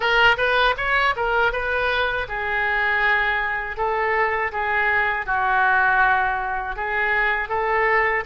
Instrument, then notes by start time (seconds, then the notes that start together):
oboe
0.00 A#4
0.37 B4
0.77 C#5
1.16 A#4
1.52 B4
2.28 G#4
3.76 A4
4.52 G#4
5.26 F#4
6.76 G#4
7.49 A4